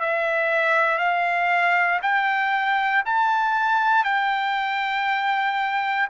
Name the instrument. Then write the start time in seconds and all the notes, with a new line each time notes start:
trumpet
0.00 E5
0.98 F5
2.02 G5
3.05 A5
4.04 G5